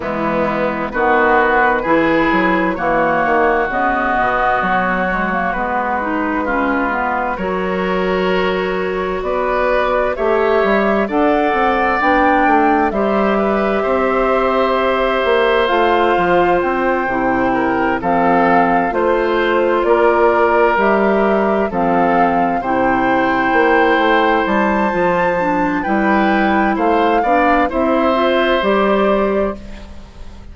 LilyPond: <<
  \new Staff \with { instrumentName = "flute" } { \time 4/4 \tempo 4 = 65 e'4 b'2 cis''4 | dis''4 cis''4 b'2 | cis''2 d''4 e''4 | fis''4 g''4 e''2~ |
e''4 f''4 g''4. f''8~ | f''8 c''4 d''4 e''4 f''8~ | f''8 g''2 a''4. | g''4 f''4 e''4 d''4 | }
  \new Staff \with { instrumentName = "oboe" } { \time 4/4 b4 fis'4 gis'4 fis'4~ | fis'2. f'4 | ais'2 b'4 cis''4 | d''2 c''8 b'8 c''4~ |
c''2. ais'8 a'8~ | a'8 c''4 ais'2 a'8~ | a'8 c''2.~ c''8 | b'4 c''8 d''8 c''2 | }
  \new Staff \with { instrumentName = "clarinet" } { \time 4/4 gis4 b4 e'4 ais4 | b4. gis16 ais16 b8 dis'8 cis'8 b8 | fis'2. g'4 | a'4 d'4 g'2~ |
g'4 f'4. e'4 c'8~ | c'8 f'2 g'4 c'8~ | c'8 e'2~ e'8 f'8 d'8 | e'4. d'8 e'8 f'8 g'4 | }
  \new Staff \with { instrumentName = "bassoon" } { \time 4/4 e4 dis4 e8 fis8 e8 dis8 | cis8 b,8 fis4 gis2 | fis2 b4 a8 g8 | d'8 c'8 b8 a8 g4 c'4~ |
c'8 ais8 a8 f8 c'8 c4 f8~ | f8 a4 ais4 g4 f8~ | f8 c4 ais8 a8 g8 f4 | g4 a8 b8 c'4 g4 | }
>>